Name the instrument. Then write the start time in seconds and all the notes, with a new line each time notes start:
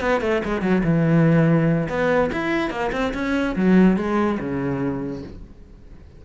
cello
0.00 B3
0.21 A3
0.44 G#3
0.61 F#3
0.84 E3
1.89 B3
2.32 E4
2.70 A#3
2.92 C4
3.13 C#4
3.56 F#3
3.96 G#3
4.40 C#3